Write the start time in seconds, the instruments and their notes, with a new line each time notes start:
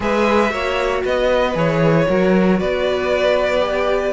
0.00 cello G#3, viola G#4, violin B4 E5
0.49 cello A#3, viola F#4, violin C#5
1.04 cello B3, violin B4 D#5
1.54 cello E3, viola G#4, violin C#5
2.07 cello F#3, viola F#4, violin A#4
2.58 cello B3, violin B4 D5
3.60 viola G4